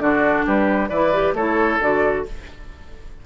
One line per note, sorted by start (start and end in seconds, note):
0.00 0.45 D3
0.00 0.90 D4
0.00 0.46 F#4
0.00 0.45 D5
0.46 0.90 G3
0.46 0.90 G4
0.46 0.89 B4
0.89 1.34 E3
0.89 1.14 E4
0.89 1.35 B4
0.89 1.33 D5
1.14 1.36 G4
1.34 1.79 A3
1.34 1.81 E4
1.34 2.26 A4
1.34 1.81 C#5
1.81 2.26 D3
1.81 2.26 F#4
1.81 2.26 D5